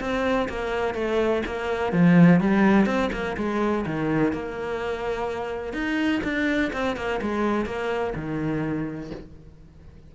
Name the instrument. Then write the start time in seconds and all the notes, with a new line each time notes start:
cello
0.00 C4
0.49 A#3
0.94 A3
1.46 A#3
1.92 F3
2.41 G3
2.86 C4
3.13 A#3
3.37 G#3
3.86 D#3
4.33 A#3
5.73 D#4
6.24 D4
6.73 C4
6.96 A#3
7.22 G#3
7.66 A#3
8.15 D#3